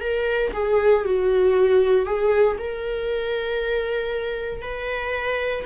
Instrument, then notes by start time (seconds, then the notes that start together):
viola
0.00 A#4
0.53 G#4
1.05 F#4
2.06 G#4
2.58 A#4
4.62 B4